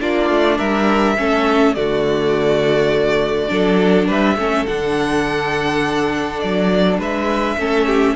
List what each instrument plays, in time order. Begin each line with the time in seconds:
0.00 cello A#3, viola D4, violin F4 D5
0.30 cello A3
0.58 cello G3, violin A#4 E5
1.17 cello A3, viola C#4, violin A4
1.75 cello D3, viola A3, violin F#4 D5
3.49 cello F#3, viola D4, violin A4
4.08 cello G3, violin B4 E5
4.36 cello A3, viola C#4, violin A4
4.67 cello D3, viola D4, violin F#5
6.40 cello F#3, violin D5
6.99 cello G#3, violin B4 E5
7.57 cello A3, viola C#4, violin A4
7.87 violin G4